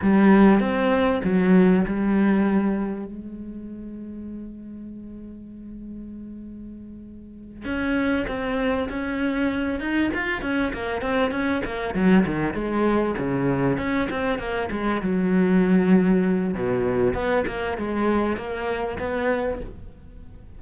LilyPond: \new Staff \with { instrumentName = "cello" } { \time 4/4 \tempo 4 = 98 g4 c'4 fis4 g4~ | g4 gis2.~ | gis1~ | gis8 cis'4 c'4 cis'4. |
dis'8 f'8 cis'8 ais8 c'8 cis'8 ais8 fis8 | dis8 gis4 cis4 cis'8 c'8 ais8 | gis8 fis2~ fis8 b,4 | b8 ais8 gis4 ais4 b4 | }